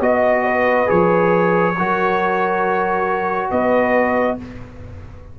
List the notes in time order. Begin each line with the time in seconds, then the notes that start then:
0.00 B3 F#4 D#5
0.45 B4
0.86 F3 G#4 C#5
1.76 F#3 F#4 A#4
3.50 B3 B4 D#5